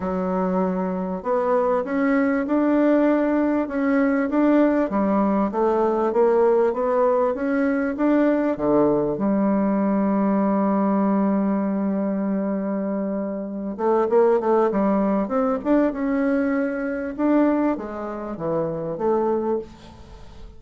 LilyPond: \new Staff \with { instrumentName = "bassoon" } { \time 4/4 \tempo 4 = 98 fis2 b4 cis'4 | d'2 cis'4 d'4 | g4 a4 ais4 b4 | cis'4 d'4 d4 g4~ |
g1~ | g2~ g8 a8 ais8 a8 | g4 c'8 d'8 cis'2 | d'4 gis4 e4 a4 | }